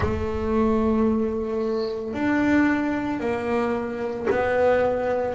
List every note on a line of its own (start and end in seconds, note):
0.00 2.13 A3
2.13 3.19 D4
3.19 4.27 A#3
4.30 5.34 B3